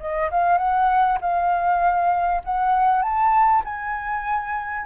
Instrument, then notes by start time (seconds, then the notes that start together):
flute
0.00 D#5
0.31 F5
0.58 F#5
1.21 F5
2.45 F#5
3.02 A5
3.65 G#5